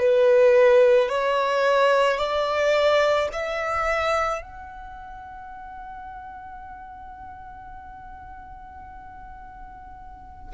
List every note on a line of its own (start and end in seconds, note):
0.00 1.09 B4
1.09 2.18 C#5
2.18 3.29 D5
3.33 4.42 E5
4.42 10.53 F#5